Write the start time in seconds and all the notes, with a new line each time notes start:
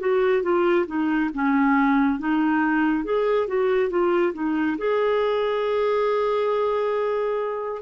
0.00 F#4
0.43 F4
0.87 D#4
1.34 C#4
2.19 D#4
3.04 G#4
3.48 F#4
3.90 F4
4.34 D#4
4.78 G#4